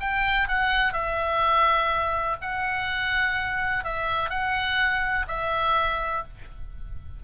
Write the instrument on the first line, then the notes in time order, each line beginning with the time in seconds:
oboe
0.00 G5
0.48 F#5
0.93 E5
2.41 F#5
3.84 E5
4.30 F#5
5.28 E5